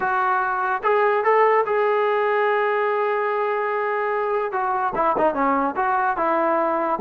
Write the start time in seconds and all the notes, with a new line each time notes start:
0.00 F#4
0.83 G#4
1.23 A4
1.66 G#4
4.52 F#4
4.95 E4
5.17 D#4
5.33 C#4
5.75 F#4
6.16 E4